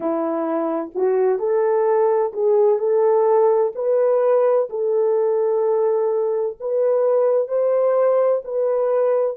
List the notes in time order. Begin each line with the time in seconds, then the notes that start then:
0.00 E4
0.95 F#4
1.38 A4
2.33 G#4
2.78 A4
3.75 B4
4.69 A4
6.60 B4
7.48 C5
8.44 B4